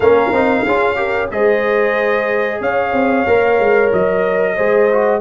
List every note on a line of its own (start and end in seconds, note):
0.00 0.31 A#3
0.00 0.33 C#4
0.00 0.64 A#4
0.00 1.29 F5
0.32 0.64 C4
0.32 0.66 D#4
0.65 1.31 C#4
0.65 0.96 F4
0.65 0.97 G#4
0.96 1.28 G4
0.96 1.30 A#4
1.31 2.60 G#3
1.31 3.26 G#4
1.31 2.60 C5
1.31 2.61 D#5
2.60 2.93 C#4
2.60 4.55 C#5
2.60 3.92 F5
2.93 3.25 C4
3.26 3.59 A#3
3.26 4.57 A#4
3.59 3.92 G#3
3.92 4.57 F#3
3.92 5.21 D#5
4.55 5.21 G#3
4.55 4.90 G#4
4.55 5.21 C5
4.91 5.21 F#4